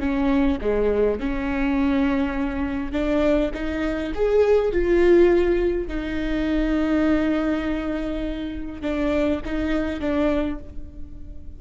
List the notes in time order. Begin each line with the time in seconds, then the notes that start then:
0.00 C#4
0.61 G#3
1.20 C#4
2.92 D4
3.54 D#4
4.15 G#4
4.72 F4
5.88 D#4
8.82 D4
9.45 D#4
10.00 D4